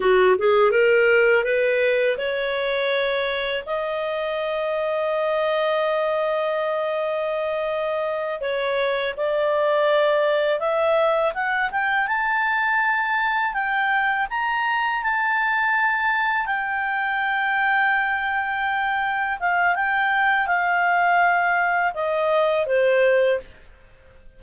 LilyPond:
\new Staff \with { instrumentName = "clarinet" } { \time 4/4 \tempo 4 = 82 fis'8 gis'8 ais'4 b'4 cis''4~ | cis''4 dis''2.~ | dis''2.~ dis''8 cis''8~ | cis''8 d''2 e''4 fis''8 |
g''8 a''2 g''4 ais''8~ | ais''8 a''2 g''4.~ | g''2~ g''8 f''8 g''4 | f''2 dis''4 c''4 | }